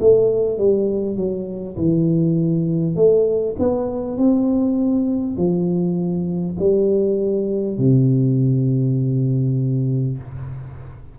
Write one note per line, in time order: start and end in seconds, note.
0.00 0.58 A3
0.58 1.16 G3
1.16 1.76 F#3
1.77 2.96 E3
2.96 3.56 A3
3.59 4.17 B3
4.17 5.37 C4
5.37 6.57 F3
6.59 7.78 G3
7.78 10.18 C3